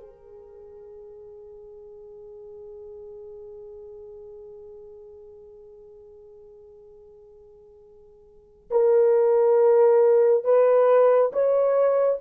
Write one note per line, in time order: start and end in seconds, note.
0.00 8.70 G#4
8.70 10.44 A#4
10.44 11.31 B4
11.32 12.19 C#5